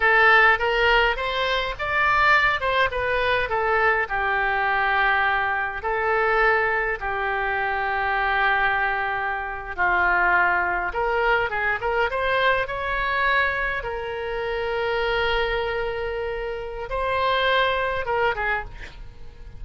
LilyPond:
\new Staff \with { instrumentName = "oboe" } { \time 4/4 \tempo 4 = 103 a'4 ais'4 c''4 d''4~ | d''8 c''8 b'4 a'4 g'4~ | g'2 a'2 | g'1~ |
g'8. f'2 ais'4 gis'16~ | gis'16 ais'8 c''4 cis''2 ais'16~ | ais'1~ | ais'4 c''2 ais'8 gis'8 | }